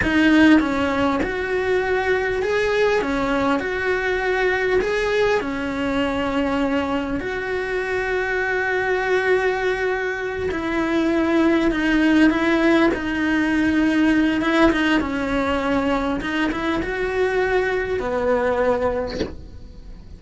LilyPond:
\new Staff \with { instrumentName = "cello" } { \time 4/4 \tempo 4 = 100 dis'4 cis'4 fis'2 | gis'4 cis'4 fis'2 | gis'4 cis'2. | fis'1~ |
fis'4. e'2 dis'8~ | dis'8 e'4 dis'2~ dis'8 | e'8 dis'8 cis'2 dis'8 e'8 | fis'2 b2 | }